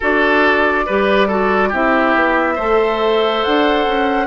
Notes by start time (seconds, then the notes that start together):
0.00 D4 F#4 A4 D5
0.86 G3 G4 B4
1.27 F#4 A4
1.68 C4 E4 G4 E5
2.15 B3
2.55 A3 A4 C5
3.44 D4 F#5
3.86 C#4